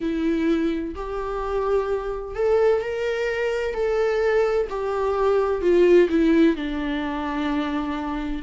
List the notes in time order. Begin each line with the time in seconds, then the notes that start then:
0.00 E4
0.95 G4
2.35 A4
2.81 A#4
3.73 A4
4.69 G4
5.61 F4
6.09 E4
6.55 D4